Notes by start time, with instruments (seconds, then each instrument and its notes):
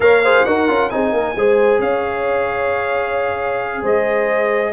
0.00 tuba A#3, trombone A#4, horn C#5, trumpet F5
0.24 trombone G#4, horn C5
0.45 tuba D#4, trombone F#4, horn A#4, trumpet F#5
0.68 tuba C#4, trombone F4
0.90 tuba C4, trombone D#4, horn G#4, trumpet G#5
1.12 tuba A#3, horn A#4
1.35 tuba G#3, trombone G#4, horn C5
1.78 tuba C#4, horn C#5, trumpet F5
3.81 tuba G#3, horn C5, trumpet D#5